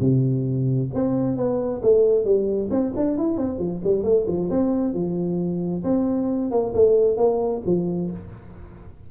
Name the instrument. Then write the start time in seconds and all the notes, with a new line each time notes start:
tuba
0.00 C3
0.94 C4
1.37 B3
1.82 A3
2.24 G3
2.70 C4
2.96 D4
3.18 E4
3.37 C4
3.58 F3
3.83 G3
4.03 A3
4.27 F3
4.50 C4
4.94 F3
5.84 C4
6.51 A#3
6.74 A3
7.17 A#3
7.66 F3